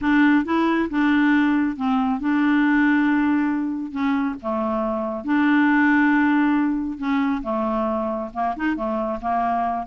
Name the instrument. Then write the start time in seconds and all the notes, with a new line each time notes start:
clarinet
0.01 D4
0.45 E4
0.90 D4
1.76 C4
2.20 D4
3.91 C#4
4.41 A3
5.24 D4
6.98 C#4
7.43 A3
8.33 A#3
8.56 D#4
8.76 A3
9.21 A#3